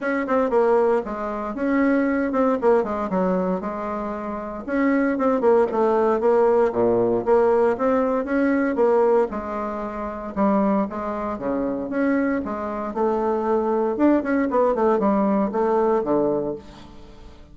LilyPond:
\new Staff \with { instrumentName = "bassoon" } { \time 4/4 \tempo 4 = 116 cis'8 c'8 ais4 gis4 cis'4~ | cis'8 c'8 ais8 gis8 fis4 gis4~ | gis4 cis'4 c'8 ais8 a4 | ais4 ais,4 ais4 c'4 |
cis'4 ais4 gis2 | g4 gis4 cis4 cis'4 | gis4 a2 d'8 cis'8 | b8 a8 g4 a4 d4 | }